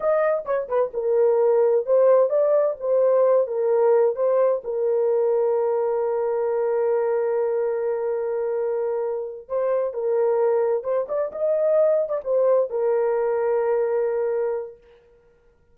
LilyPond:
\new Staff \with { instrumentName = "horn" } { \time 4/4 \tempo 4 = 130 dis''4 cis''8 b'8 ais'2 | c''4 d''4 c''4. ais'8~ | ais'4 c''4 ais'2~ | ais'1~ |
ais'1~ | ais'8 c''4 ais'2 c''8 | d''8 dis''4.~ dis''16 d''16 c''4 ais'8~ | ais'1 | }